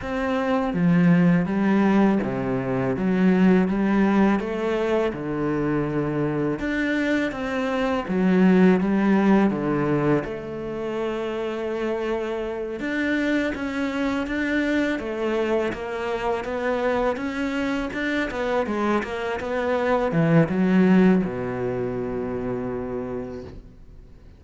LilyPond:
\new Staff \with { instrumentName = "cello" } { \time 4/4 \tempo 4 = 82 c'4 f4 g4 c4 | fis4 g4 a4 d4~ | d4 d'4 c'4 fis4 | g4 d4 a2~ |
a4. d'4 cis'4 d'8~ | d'8 a4 ais4 b4 cis'8~ | cis'8 d'8 b8 gis8 ais8 b4 e8 | fis4 b,2. | }